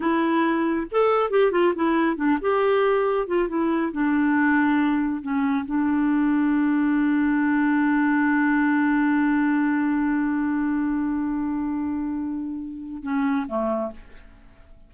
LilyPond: \new Staff \with { instrumentName = "clarinet" } { \time 4/4 \tempo 4 = 138 e'2 a'4 g'8 f'8 | e'4 d'8 g'2 f'8 | e'4 d'2. | cis'4 d'2.~ |
d'1~ | d'1~ | d'1~ | d'2 cis'4 a4 | }